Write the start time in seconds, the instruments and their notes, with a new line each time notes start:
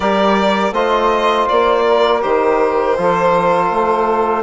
0.00 bassoon G3, trombone G4, saxophone A#4, violin D5
0.72 bassoon A3, trombone F4, saxophone C5, violin D#5
1.48 bassoon A#3, violin D5
1.87 saxophone A#4
2.21 bassoon D#3, trombone G4, violin C5
2.97 bassoon F3, trombone F4, saxophone A4
3.71 bassoon A3